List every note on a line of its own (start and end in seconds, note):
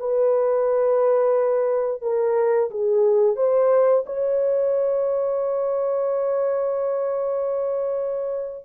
0.00 2.02 B4
2.02 2.70 A#4
2.71 3.37 G#4
3.37 4.05 C5
4.07 8.66 C#5